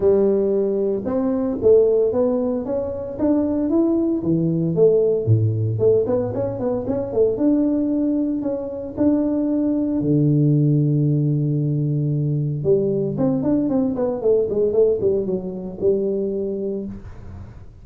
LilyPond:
\new Staff \with { instrumentName = "tuba" } { \time 4/4 \tempo 4 = 114 g2 c'4 a4 | b4 cis'4 d'4 e'4 | e4 a4 a,4 a8 b8 | cis'8 b8 cis'8 a8 d'2 |
cis'4 d'2 d4~ | d1 | g4 c'8 d'8 c'8 b8 a8 gis8 | a8 g8 fis4 g2 | }